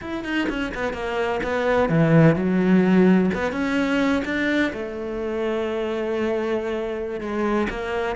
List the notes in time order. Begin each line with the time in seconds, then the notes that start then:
0.01 E4
0.24 D#4
0.49 C#4
0.74 B3
0.93 A#3
1.43 B3
1.89 E3
2.35 F#3
3.34 B3
3.52 C#4
4.25 D4
4.72 A3
7.20 G#3
7.69 A#3